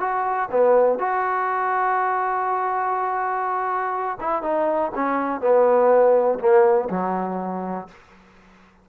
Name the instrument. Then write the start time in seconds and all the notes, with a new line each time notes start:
trombone
0.00 F#4
0.51 B3
0.99 F#4
4.20 E4
4.43 D#4
4.95 C#4
5.41 B3
6.40 A#3
6.90 F#3